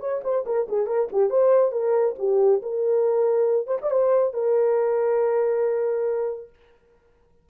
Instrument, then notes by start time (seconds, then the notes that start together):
horn
0.00 C#5
0.24 C5
0.46 A#4
0.68 G#4
0.86 A#4
1.12 G4
1.30 C5
1.72 A#4
2.19 G4
2.62 A#4
3.67 C5
3.82 D5
3.91 C5
4.33 A#4